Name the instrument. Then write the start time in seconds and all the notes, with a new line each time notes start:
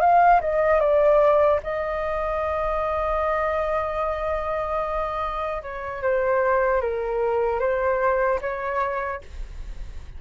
flute
0.00 F5
0.40 D#5
0.80 D5
1.63 D#5
5.62 C#5
6.02 C5
6.81 A#4
7.59 C5
8.41 C#5